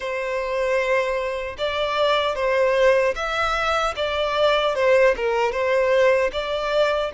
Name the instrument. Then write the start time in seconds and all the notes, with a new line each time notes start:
violin
0.00 C5
1.58 D5
2.35 C5
3.15 E5
3.96 D5
4.75 C5
5.16 A#4
5.52 C5
6.32 D5